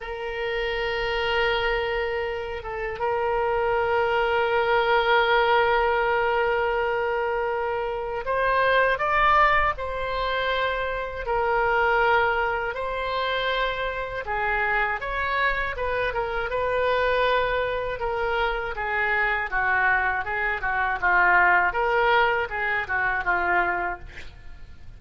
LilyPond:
\new Staff \with { instrumentName = "oboe" } { \time 4/4 \tempo 4 = 80 ais'2.~ ais'8 a'8 | ais'1~ | ais'2. c''4 | d''4 c''2 ais'4~ |
ais'4 c''2 gis'4 | cis''4 b'8 ais'8 b'2 | ais'4 gis'4 fis'4 gis'8 fis'8 | f'4 ais'4 gis'8 fis'8 f'4 | }